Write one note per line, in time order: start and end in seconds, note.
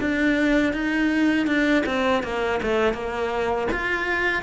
0.00 0.73 D4
0.73 1.46 D#4
1.46 1.83 D4
1.86 2.23 C4
2.23 2.60 A#3
2.62 2.93 A3
2.93 3.67 A#3
3.72 4.42 F4